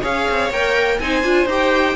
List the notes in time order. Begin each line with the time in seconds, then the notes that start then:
0.00 C#4 G#4 C#5 F5
0.30 C4
0.50 A#3 A#4 G5
0.99 C4 D#4 C5 G#5
1.23 D4 F4
1.46 D#4 G4
1.52 G5